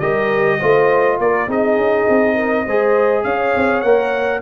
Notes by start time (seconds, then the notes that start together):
0.00 G3 G4 A#4 D#5
0.60 A3 F4 C5
1.19 A#3 A#4 D5
1.48 C4 D#4 G#4 D#5
1.77 C#4
2.09 C4
2.36 A#4
2.65 G#3 G#4 C5
3.24 C#4 C#5 F5
3.56 C4
3.81 A#3 A#4 F#5